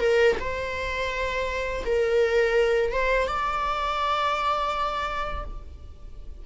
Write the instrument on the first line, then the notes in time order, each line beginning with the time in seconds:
viola
0.00 A#4
0.40 C5
1.86 A#4
2.92 C5
3.28 D5